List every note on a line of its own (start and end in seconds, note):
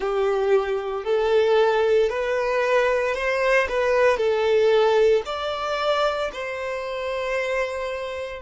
0.00 1.04 G4
1.04 2.09 A4
2.09 3.14 B4
3.14 3.67 C5
3.68 4.17 B4
4.17 5.22 A4
5.25 6.31 D5
6.32 8.42 C5